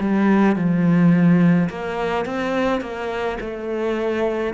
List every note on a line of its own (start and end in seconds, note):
0.00 0.55 G3
0.55 1.68 F3
1.69 2.25 A#3
2.25 2.80 C4
2.80 3.37 A#3
3.40 4.53 A3